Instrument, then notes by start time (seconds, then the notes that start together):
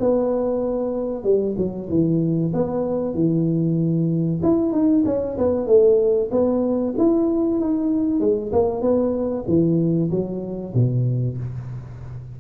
tuba
0.00 B3
1.24 G3
1.58 F#3
1.89 E3
2.54 B3
3.15 E3
4.43 E4
4.73 D#4
5.06 C#4
5.38 B3
5.67 A3
6.32 B3
6.98 E4
7.60 D#4
8.21 G#3
8.53 A#3
8.82 B3
9.48 E3
10.11 F#3
10.75 B2